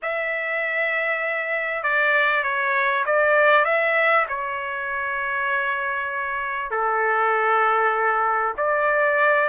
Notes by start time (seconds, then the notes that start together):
0.02 E5
1.83 D5
2.43 C#5
3.05 D5
3.64 E5
4.28 C#5
6.70 A4
8.57 D5